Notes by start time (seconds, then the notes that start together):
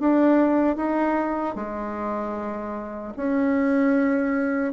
0.00 D4
0.77 D#4
1.56 G#3
3.17 C#4